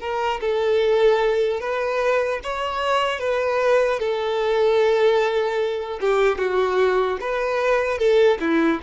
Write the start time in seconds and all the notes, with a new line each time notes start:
0.00 A#4
0.40 A4
1.60 B4
2.43 C#5
3.19 B4
3.99 A4
6.01 G4
6.38 F#4
7.21 B4
7.98 A4
8.40 E4